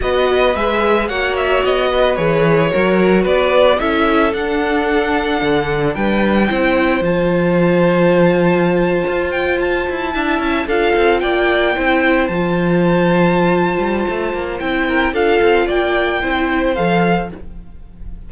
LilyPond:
<<
  \new Staff \with { instrumentName = "violin" } { \time 4/4 \tempo 4 = 111 dis''4 e''4 fis''8 e''8 dis''4 | cis''2 d''4 e''4 | fis''2. g''4~ | g''4 a''2.~ |
a''4~ a''16 g''8 a''2 f''16~ | f''8. g''2 a''4~ a''16~ | a''2. g''4 | f''4 g''2 f''4 | }
  \new Staff \with { instrumentName = "violin" } { \time 4/4 b'2 cis''4. b'8~ | b'4 ais'4 b'4 a'4~ | a'2. b'4 | c''1~ |
c''2~ c''8. e''4 a'16~ | a'8. d''4 c''2~ c''16~ | c''2.~ c''8 ais'8 | a'4 d''4 c''2 | }
  \new Staff \with { instrumentName = "viola" } { \time 4/4 fis'4 gis'4 fis'2 | gis'4 fis'2 e'4 | d'1 | e'4 f'2.~ |
f'2~ f'8. e'4 f'16~ | f'4.~ f'16 e'4 f'4~ f'16~ | f'2. e'4 | f'2 e'4 a'4 | }
  \new Staff \with { instrumentName = "cello" } { \time 4/4 b4 gis4 ais4 b4 | e4 fis4 b4 cis'4 | d'2 d4 g4 | c'4 f2.~ |
f8. f'4. e'8 d'8 cis'8 d'16~ | d'16 c'8 ais4 c'4 f4~ f16~ | f4. g8 a8 ais8 c'4 | d'8 c'8 ais4 c'4 f4 | }
>>